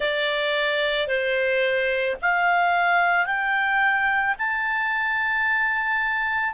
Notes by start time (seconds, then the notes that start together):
0.00 D5
1.07 C5
2.21 F5
3.26 G5
4.38 A5